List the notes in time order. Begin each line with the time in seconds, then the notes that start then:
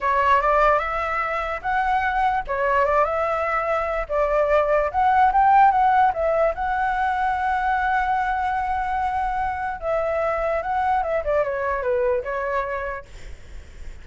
0.00 C#5
0.41 D5
0.79 E5
1.62 F#5
2.47 C#5
2.85 D5
3.04 E5
4.09 D5
4.91 F#5
5.32 G5
5.71 F#5
6.13 E5
6.54 F#5
9.80 E5
10.62 F#5
11.02 E5
11.24 D5
11.44 C#5
11.82 B4
12.23 C#5